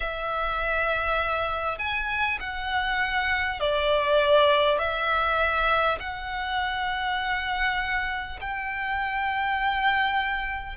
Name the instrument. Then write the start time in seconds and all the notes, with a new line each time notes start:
violin
0.00 E5
1.78 G#5
2.39 F#5
3.59 D5
4.78 E5
5.99 F#5
8.41 G5